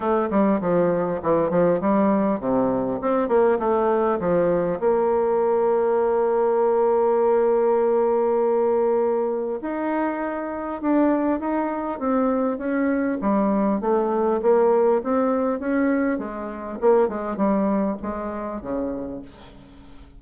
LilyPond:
\new Staff \with { instrumentName = "bassoon" } { \time 4/4 \tempo 4 = 100 a8 g8 f4 e8 f8 g4 | c4 c'8 ais8 a4 f4 | ais1~ | ais1 |
dis'2 d'4 dis'4 | c'4 cis'4 g4 a4 | ais4 c'4 cis'4 gis4 | ais8 gis8 g4 gis4 cis4 | }